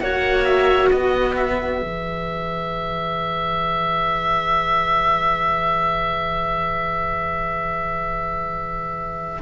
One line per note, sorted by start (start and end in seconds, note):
0.00 0.90 A#3
0.00 1.78 F#4
0.00 0.89 C#5
0.00 0.45 F#5
0.45 0.89 E5
0.89 1.82 B3
0.89 9.40 B4
0.89 1.35 D#5
1.36 9.42 E5
1.78 9.42 E3
1.78 9.40 G#4